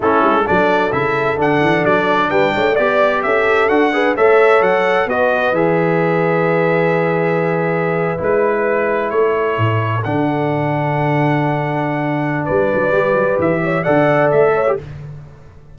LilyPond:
<<
  \new Staff \with { instrumentName = "trumpet" } { \time 4/4 \tempo 4 = 130 a'4 d''4 e''4 fis''4 | d''4 g''4 d''4 e''4 | fis''4 e''4 fis''4 dis''4 | e''1~ |
e''4.~ e''16 b'2 cis''16~ | cis''4.~ cis''16 fis''2~ fis''16~ | fis''2. d''4~ | d''4 e''4 fis''4 e''4 | }
  \new Staff \with { instrumentName = "horn" } { \time 4/4 e'4 a'2.~ | a'4 b'8 cis''8 d''4 a'4~ | a'8 b'8 cis''2 b'4~ | b'1~ |
b'2.~ b'8. a'16~ | a'1~ | a'2. b'4~ | b'4. cis''8 d''4. cis''8 | }
  \new Staff \with { instrumentName = "trombone" } { \time 4/4 cis'4 d'4 e'4 d'4~ | d'2 g'2 | fis'8 gis'8 a'2 fis'4 | gis'1~ |
gis'4.~ gis'16 e'2~ e'16~ | e'4.~ e'16 d'2~ d'16~ | d'1 | g'2 a'4.~ a'16 g'16 | }
  \new Staff \with { instrumentName = "tuba" } { \time 4/4 a8 gis8 fis4 cis4 d8 e8 | fis4 g8 a8 b4 cis'4 | d'4 a4 fis4 b4 | e1~ |
e4.~ e16 gis2 a16~ | a8. a,4 d2~ d16~ | d2. g8 fis8 | g8 fis8 e4 d4 a4 | }
>>